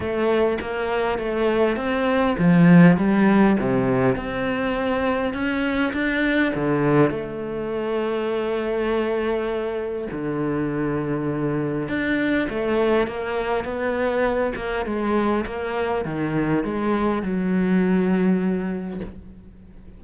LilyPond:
\new Staff \with { instrumentName = "cello" } { \time 4/4 \tempo 4 = 101 a4 ais4 a4 c'4 | f4 g4 c4 c'4~ | c'4 cis'4 d'4 d4 | a1~ |
a4 d2. | d'4 a4 ais4 b4~ | b8 ais8 gis4 ais4 dis4 | gis4 fis2. | }